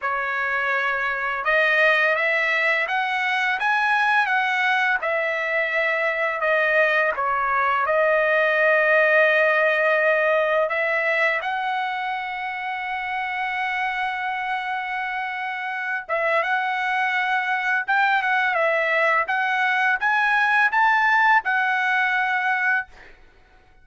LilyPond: \new Staff \with { instrumentName = "trumpet" } { \time 4/4 \tempo 4 = 84 cis''2 dis''4 e''4 | fis''4 gis''4 fis''4 e''4~ | e''4 dis''4 cis''4 dis''4~ | dis''2. e''4 |
fis''1~ | fis''2~ fis''8 e''8 fis''4~ | fis''4 g''8 fis''8 e''4 fis''4 | gis''4 a''4 fis''2 | }